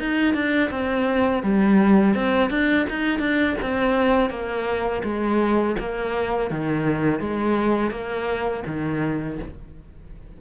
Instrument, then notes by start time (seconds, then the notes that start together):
cello
0.00 D#4
0.35 D4
0.71 C4
1.43 G3
2.15 C4
2.51 D4
2.90 D#4
3.20 D4
3.62 C4
4.30 A#3
5.04 G#3
5.80 A#3
6.51 D#3
7.21 G#3
7.91 A#3
8.67 D#3